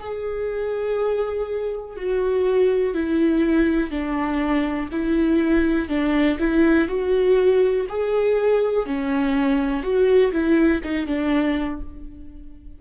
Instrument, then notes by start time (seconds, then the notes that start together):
viola
0.00 G#4
1.97 F#4
2.95 E4
3.91 D4
4.92 E4
5.89 D4
6.40 E4
6.89 F#4
7.89 G#4
8.86 C#4
9.83 F#4
10.33 E4
10.84 D#4
11.07 D4